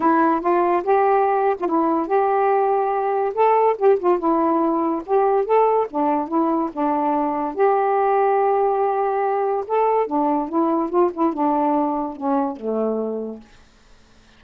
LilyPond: \new Staff \with { instrumentName = "saxophone" } { \time 4/4 \tempo 4 = 143 e'4 f'4 g'4.~ g'16 f'16 | e'4 g'2. | a'4 g'8 f'8 e'2 | g'4 a'4 d'4 e'4 |
d'2 g'2~ | g'2. a'4 | d'4 e'4 f'8 e'8 d'4~ | d'4 cis'4 a2 | }